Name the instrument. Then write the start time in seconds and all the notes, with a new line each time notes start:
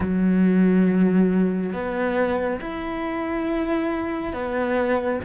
cello
0.00 F#3
1.72 B3
2.60 E4
4.33 B3